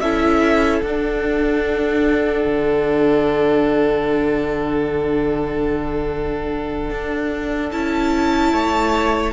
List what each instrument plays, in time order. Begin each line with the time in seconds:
0.00 cello C#4, viola E4, violin A4 E5
0.81 cello D4, viola D4, violin F#5
2.45 cello D3
6.90 cello D4
7.71 cello C#4, viola E4, violin A5
8.52 cello A3, violin C#5